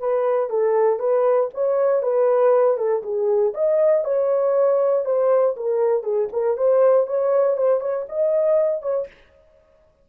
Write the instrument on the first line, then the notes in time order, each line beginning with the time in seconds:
horn
0.00 B4
0.50 A4
1.00 B4
1.54 C#5
2.03 B4
2.78 A4
3.03 G#4
3.55 D#5
4.05 C#5
5.06 C5
5.57 A#4
6.03 G#4
6.33 A#4
6.58 C5
7.07 C#5
7.57 C5
7.81 C#5
8.09 D#5
8.83 C#5